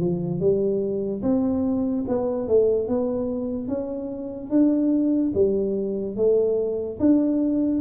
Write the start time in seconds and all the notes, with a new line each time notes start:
0.00 F3
0.40 G3
1.23 C4
2.08 B3
2.48 A3
2.88 B3
3.68 C#4
4.50 D4
5.35 G3
6.17 A3
7.00 D4